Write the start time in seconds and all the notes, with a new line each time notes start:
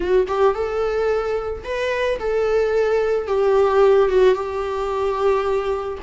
0.00 F#4
0.27 G4
0.54 A4
1.64 B4
2.19 A4
3.27 G4
4.08 F#4
4.34 G4